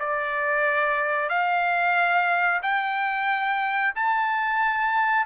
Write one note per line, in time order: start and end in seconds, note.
0.00 1.29 D5
1.29 2.61 F5
2.63 3.94 G5
3.95 5.27 A5